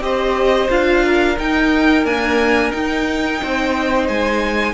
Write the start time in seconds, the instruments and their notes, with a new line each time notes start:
0.00 cello C4, viola G4, violin C5 D#5
0.69 cello D4, viola F4, violin F5
1.05 violin A#4
1.38 cello D#4, viola D#4, violin G5
2.05 viola A#3, cello D4, violin G#5
2.72 viola D#4, cello D#4, violin G5
3.42 cello C4, violin C5
4.08 cello G#3, violin G#5